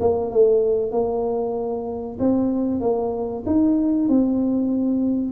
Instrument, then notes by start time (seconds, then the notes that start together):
tuba
0.00 A#3
0.31 A3
0.91 A#3
2.19 C4
2.80 A#3
3.46 D#4
4.09 C4